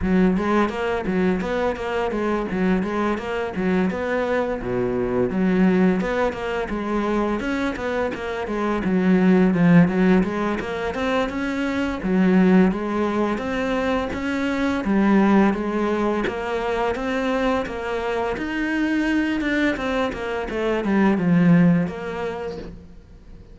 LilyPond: \new Staff \with { instrumentName = "cello" } { \time 4/4 \tempo 4 = 85 fis8 gis8 ais8 fis8 b8 ais8 gis8 fis8 | gis8 ais8 fis8 b4 b,4 fis8~ | fis8 b8 ais8 gis4 cis'8 b8 ais8 | gis8 fis4 f8 fis8 gis8 ais8 c'8 |
cis'4 fis4 gis4 c'4 | cis'4 g4 gis4 ais4 | c'4 ais4 dis'4. d'8 | c'8 ais8 a8 g8 f4 ais4 | }